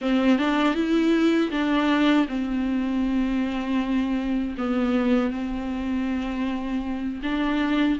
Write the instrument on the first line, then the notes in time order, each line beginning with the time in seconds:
viola
0.01 C4
0.38 D4
0.74 E4
1.50 D4
2.28 C4
4.57 B3
5.30 C4
7.22 D4